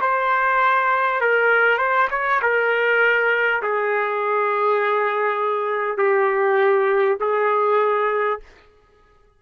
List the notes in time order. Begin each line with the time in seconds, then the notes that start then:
0.00 C5
1.21 A#4
1.77 C5
2.10 C#5
2.42 A#4
3.62 G#4
5.97 G4
7.20 G#4